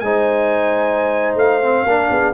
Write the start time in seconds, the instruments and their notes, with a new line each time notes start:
0.00 tuba G#3, trombone D#4, horn C5, trumpet G#5
1.35 tuba A3, trumpet F5
1.63 trombone C4
1.85 tuba A#3, trombone D4, horn A#4
2.10 tuba B3, horn G#4